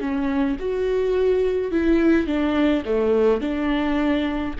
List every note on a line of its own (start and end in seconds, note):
0.00 0.57 C#4
0.59 1.71 F#4
1.71 2.27 E4
2.27 2.83 D4
2.86 3.41 A3
3.41 4.54 D4